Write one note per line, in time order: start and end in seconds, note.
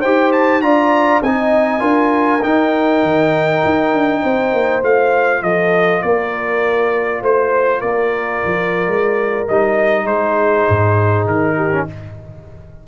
0.00 0.61 D#4
0.00 0.62 G4
0.00 0.60 C5
0.00 0.31 G5
0.32 0.61 A5
0.61 1.21 D4
0.61 1.22 F4
0.61 1.24 D5
0.61 1.21 A#5
1.22 1.81 C4
1.22 1.79 D#4
1.22 1.81 D#5
1.22 2.43 G#5
1.79 2.41 D4
1.79 2.39 F4
1.79 4.21 A#4
2.42 4.81 D#4
2.42 3.02 D#4
2.42 4.83 G5
3.02 3.62 D#3
3.64 3.93 D#4
3.93 4.23 D4
4.22 4.53 C4
4.22 5.42 C5
4.53 4.82 A#3
4.81 5.42 A3
4.81 9.46 F4
4.81 5.42 F5
5.42 6.02 F3
5.42 6.02 A4
5.42 6.02 D#5
6.02 7.21 A#3
6.02 7.21 A#4
6.02 7.22 D5
7.21 7.81 A3
7.21 7.79 C5
7.21 7.81 C5
7.79 8.42 A#3
7.79 10.04 A#4
7.79 9.46 D5
8.44 8.87 F3
8.87 9.47 G#3
9.48 10.04 G3
9.48 11.72 D#4
9.48 10.06 D#5
10.04 10.64 G#3
10.04 11.56 G#4
10.04 11.26 C5
10.69 11.26 G#2
11.26 11.86 D#3
11.26 11.87 A#4
11.56 11.86 G4
11.72 11.87 C#4